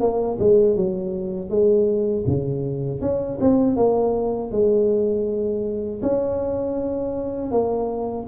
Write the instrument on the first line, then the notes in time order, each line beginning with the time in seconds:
tuba
0.00 A#3
0.39 G#3
0.76 F#3
1.50 G#3
2.27 C#3
3.01 C#4
3.41 C4
3.76 A#3
4.51 G#3
6.02 C#4
7.51 A#3